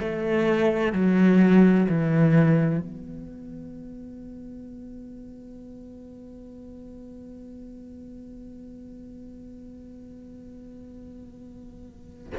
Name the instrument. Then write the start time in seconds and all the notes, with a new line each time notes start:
cello
0.00 A3
0.93 F#3
1.90 E3
2.81 B3